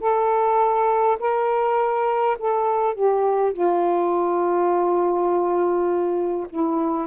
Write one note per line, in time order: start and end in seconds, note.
0.00 1.18 A4
1.20 2.37 A#4
2.39 2.95 A4
2.95 3.53 G4
3.53 6.47 F4
6.50 7.07 E4